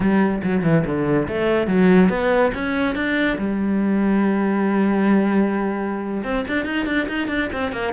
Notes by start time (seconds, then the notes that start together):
0.00 G3
0.43 F#3
0.63 E3
0.85 D3
1.28 A3
1.67 F#3
2.09 B3
2.54 C#4
2.95 D4
3.38 G3
6.23 C4
6.48 D4
6.65 D#4
6.86 D4
7.08 D#4
7.27 D4
7.52 C4
7.72 A#3